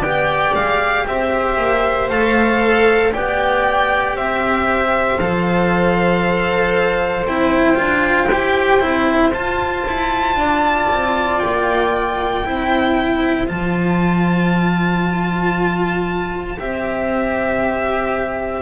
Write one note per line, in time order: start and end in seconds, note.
0.00 0.52 B3
0.00 2.10 G4
0.00 1.03 D5
0.00 0.54 G5
0.54 1.06 G#3
0.54 1.06 F5
1.07 1.57 C4
1.07 3.13 C5
1.07 2.10 E5
1.57 2.09 A#3
2.09 3.12 A3
2.09 3.12 A4
2.09 3.13 F5
3.12 4.16 B3
3.12 5.19 G4
3.12 4.17 D5
3.12 4.17 G5
4.16 5.19 C4
4.16 10.37 C5
4.16 5.19 E5
5.19 7.24 F3
5.19 7.28 A4
5.19 7.26 F5
7.24 7.76 C4
7.24 7.75 E4
7.24 9.34 G5
7.75 8.28 D4
7.75 8.27 F4
8.28 8.80 E4
8.28 8.80 G4
8.80 9.33 C4
8.80 9.32 E4
9.33 9.84 F4
9.33 12.44 F4
9.33 11.39 A5
9.86 10.35 E4
10.35 10.87 D4
10.35 12.45 D5
10.92 11.43 C4
11.39 12.46 A#3
11.39 13.46 G5
12.45 13.49 C4
12.45 13.47 E4
12.45 18.62 C5
13.47 16.59 F3
13.47 16.57 F4
13.47 16.59 A5
16.58 18.62 C4
16.58 18.62 G4
16.58 18.62 E5